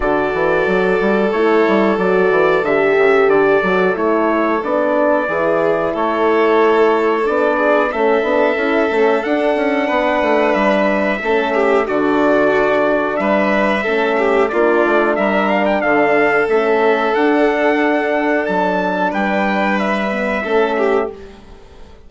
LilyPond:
<<
  \new Staff \with { instrumentName = "trumpet" } { \time 4/4 \tempo 4 = 91 d''2 cis''4 d''4 | e''4 d''4 cis''4 d''4~ | d''4 cis''2 d''4 | e''2 fis''2 |
e''2 d''2 | e''2 d''4 e''8 f''16 g''16 | f''4 e''4 fis''2 | a''4 g''4 e''2 | }
  \new Staff \with { instrumentName = "violin" } { \time 4/4 a'1~ | a'1 | gis'4 a'2~ a'8 gis'8 | a'2. b'4~ |
b'4 a'8 g'8 fis'2 | b'4 a'8 g'8 f'4 ais'4 | a'1~ | a'4 b'2 a'8 g'8 | }
  \new Staff \with { instrumentName = "horn" } { \time 4/4 fis'2 e'4 fis'4 | g'4. fis'8 e'4 d'4 | e'2. d'4 | cis'8 d'8 e'8 cis'8 d'2~ |
d'4 cis'4 d'2~ | d'4 cis'4 d'2~ | d'4 cis'4 d'2~ | d'2~ d'8 b8 cis'4 | }
  \new Staff \with { instrumentName = "bassoon" } { \time 4/4 d8 e8 fis8 g8 a8 g8 fis8 e8 | d8 cis8 d8 fis8 a4 b4 | e4 a2 b4 | a8 b8 cis'8 a8 d'8 cis'8 b8 a8 |
g4 a4 d2 | g4 a4 ais8 a8 g4 | d4 a4 d'2 | fis4 g2 a4 | }
>>